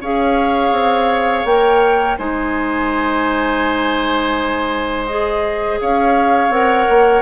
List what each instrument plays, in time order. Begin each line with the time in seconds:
0.00 bassoon C#4, clarinet G#4, oboe C#5, flute F5
0.71 bassoon C4
1.44 bassoon A#3, clarinet A#4, flute G5
2.18 bassoon G#3, clarinet D#4, oboe C5, flute G#5
5.06 clarinet G#4, flute D#5
5.80 bassoon C#4, oboe C#5, flute F5
6.49 bassoon C4, clarinet A#4, flute F#5
6.89 bassoon A#3